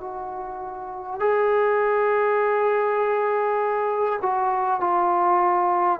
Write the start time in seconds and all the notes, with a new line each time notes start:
0.00 F#4
1.19 G#4
4.22 F#4
4.81 F4